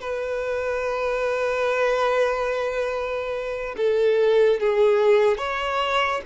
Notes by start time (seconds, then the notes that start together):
0.00 B4
3.77 A4
4.60 G#4
5.37 C#5